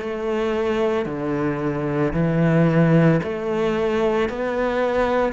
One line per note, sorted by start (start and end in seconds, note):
0.00 1.06 A3
1.06 2.13 D3
2.13 3.20 E3
3.23 4.29 A3
4.29 5.33 B3